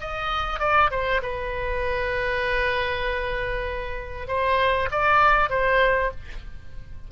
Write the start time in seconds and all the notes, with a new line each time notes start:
0.00 D#5
0.59 D5
0.90 C5
1.22 B4
4.27 C5
4.91 D5
5.49 C5